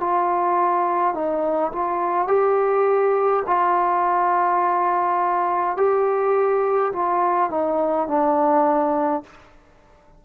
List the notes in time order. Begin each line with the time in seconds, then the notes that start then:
0.00 F4
1.14 D#4
1.72 F4
2.28 G4
3.47 F4
5.77 G4
6.92 F4
7.50 D#4
8.08 D4